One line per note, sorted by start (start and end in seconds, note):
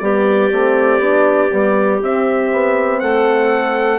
0.00 0.51 G3
0.00 0.52 B3
0.00 3.01 G4
0.00 2.00 D5
0.52 1.00 A3
0.52 1.02 C4
1.00 1.50 B3
1.00 1.51 D4
1.51 2.02 G3
1.51 2.01 B3
2.02 2.52 C4
2.02 4.00 C4
2.02 3.00 E5
2.53 3.02 B3
3.00 4.00 A3
3.00 4.00 A4
3.00 4.00 F#5